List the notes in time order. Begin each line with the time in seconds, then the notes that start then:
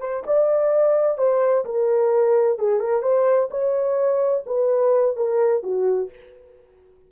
0.00 C5
0.26 D5
1.18 C5
1.65 A#4
2.58 G#4
2.80 A#4
3.02 C5
3.50 C#5
4.46 B4
5.16 A#4
5.63 F#4